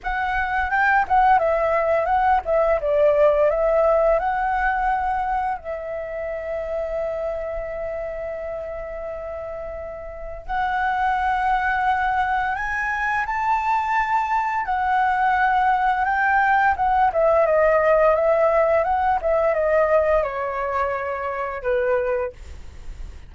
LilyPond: \new Staff \with { instrumentName = "flute" } { \time 4/4 \tempo 4 = 86 fis''4 g''8 fis''8 e''4 fis''8 e''8 | d''4 e''4 fis''2 | e''1~ | e''2. fis''4~ |
fis''2 gis''4 a''4~ | a''4 fis''2 g''4 | fis''8 e''8 dis''4 e''4 fis''8 e''8 | dis''4 cis''2 b'4 | }